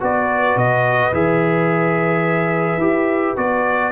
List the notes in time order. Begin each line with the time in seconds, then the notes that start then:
0.00 B3 F#4 B4 D5
0.56 B2 D#5
1.12 E3 G#4 E5
2.77 E4 G4
3.36 B3 F#4 D5